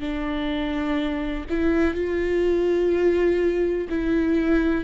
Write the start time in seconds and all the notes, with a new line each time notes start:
0.00 D4
1.50 E4
1.95 F4
3.89 E4